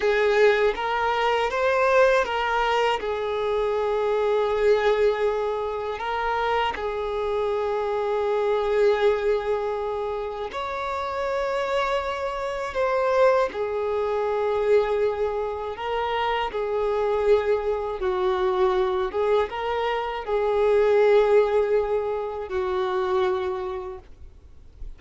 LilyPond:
\new Staff \with { instrumentName = "violin" } { \time 4/4 \tempo 4 = 80 gis'4 ais'4 c''4 ais'4 | gis'1 | ais'4 gis'2.~ | gis'2 cis''2~ |
cis''4 c''4 gis'2~ | gis'4 ais'4 gis'2 | fis'4. gis'8 ais'4 gis'4~ | gis'2 fis'2 | }